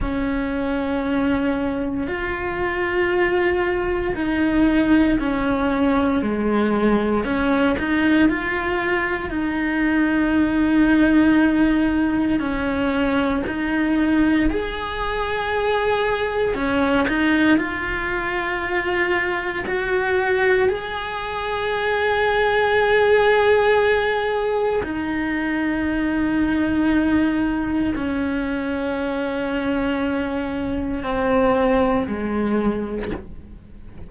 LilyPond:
\new Staff \with { instrumentName = "cello" } { \time 4/4 \tempo 4 = 58 cis'2 f'2 | dis'4 cis'4 gis4 cis'8 dis'8 | f'4 dis'2. | cis'4 dis'4 gis'2 |
cis'8 dis'8 f'2 fis'4 | gis'1 | dis'2. cis'4~ | cis'2 c'4 gis4 | }